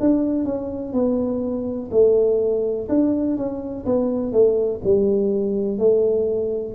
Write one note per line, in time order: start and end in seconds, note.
0.00 0.44 D4
0.44 0.93 C#4
0.93 1.90 B3
1.91 2.88 A3
2.89 3.37 D4
3.37 3.85 C#4
3.85 4.32 B3
4.32 4.80 A3
4.84 5.78 G3
5.78 6.74 A3